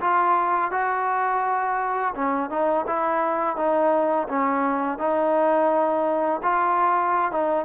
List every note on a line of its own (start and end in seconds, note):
0.00 0.71 F4
0.71 2.14 F#4
2.14 2.50 C#4
2.50 2.85 D#4
2.86 3.56 E4
3.56 4.27 D#4
4.28 4.98 C#4
4.98 6.41 D#4
6.42 7.31 F4
7.31 7.65 D#4